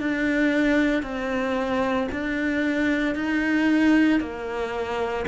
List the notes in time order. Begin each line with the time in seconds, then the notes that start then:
0.00 D4
1.03 C4
2.12 D4
3.15 D#4
4.21 A#3